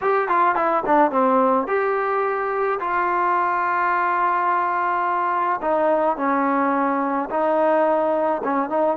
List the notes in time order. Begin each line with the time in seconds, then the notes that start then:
0.01 G4
0.28 F4
0.55 E4
0.86 D4
1.11 C4
1.67 G4
2.79 F4
5.61 D#4
6.17 C#4
7.29 D#4
8.43 C#4
8.69 D#4